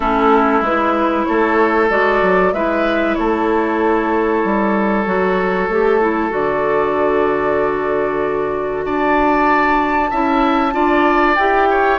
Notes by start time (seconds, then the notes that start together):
0.00 A3 C#4 E4 A4
0.61 G#3 E4 B4
1.24 A3 A4 C#5
1.89 G#3 F#4 D5
2.22 F#3
2.53 G#3 E4 B4 E5
3.14 A3 A4 C#5
4.44 G3
5.05 F#3 F#4
5.69 A3 G4
6.00 E4
6.29 D3 F#4 D5
8.84 D4 D5 A5
10.10 C#4 E4 E5
10.72 D4 F4 D5
11.35 E4 G4 G5
11.69 C#5